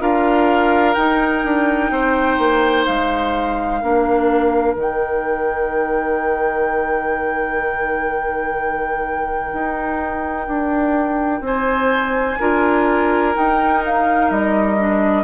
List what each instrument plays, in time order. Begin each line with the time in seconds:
0.00 bassoon D4, clarinet F4, oboe A#4, flute F5
0.94 bassoon D#4, clarinet D#4, flute G5
1.44 bassoon D4
1.90 bassoon C4, oboe C5
2.38 bassoon A#3
2.85 bassoon G#3, flute F5
3.81 bassoon A#3, clarinet D4, oboe A#4
4.76 bassoon D#3, clarinet D#4, flute G5
9.53 bassoon D#4
10.47 bassoon D4
11.41 bassoon C4, oboe C5, flute G#5
12.40 bassoon D4, clarinet F4, oboe A#4
13.34 clarinet D#4, bassoon D#4, flute G5
13.86 flute F5
14.30 bassoon G3, flute D#5
14.79 clarinet D4